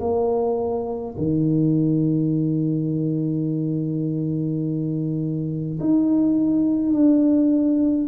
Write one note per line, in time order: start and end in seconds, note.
0.00 1.15 A#3
1.17 5.79 D#3
5.80 6.92 D#4
6.92 8.08 D4